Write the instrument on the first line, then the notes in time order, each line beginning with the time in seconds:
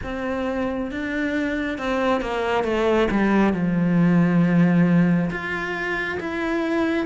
cello
0.03 C4
0.91 D4
1.78 C4
2.21 A#3
2.64 A3
3.10 G3
3.53 F3
5.30 F4
6.20 E4